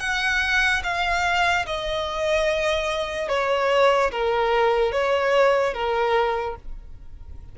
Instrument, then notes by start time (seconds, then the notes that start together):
violin
0.00 F#5
0.84 F5
1.66 D#5
3.29 C#5
4.11 A#4
4.92 C#5
5.73 A#4